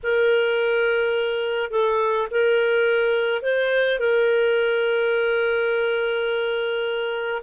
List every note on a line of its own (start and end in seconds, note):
0.03 1.71 A#4
1.71 2.28 A4
2.30 3.42 A#4
3.42 3.99 C5
3.99 7.42 A#4